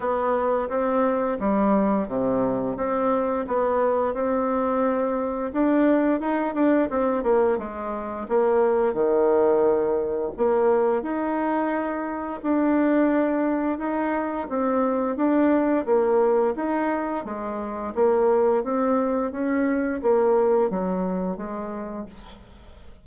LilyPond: \new Staff \with { instrumentName = "bassoon" } { \time 4/4 \tempo 4 = 87 b4 c'4 g4 c4 | c'4 b4 c'2 | d'4 dis'8 d'8 c'8 ais8 gis4 | ais4 dis2 ais4 |
dis'2 d'2 | dis'4 c'4 d'4 ais4 | dis'4 gis4 ais4 c'4 | cis'4 ais4 fis4 gis4 | }